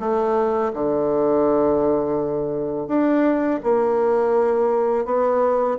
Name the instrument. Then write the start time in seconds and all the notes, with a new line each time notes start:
bassoon
0.00 A3
0.74 D3
2.88 D4
3.63 A#3
5.05 B3